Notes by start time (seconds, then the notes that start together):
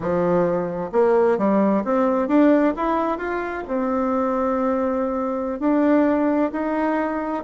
0.00 F3
0.92 A#3
1.38 G3
1.84 C4
2.28 D4
2.76 E4
3.17 F4
3.67 C4
5.59 D4
6.51 D#4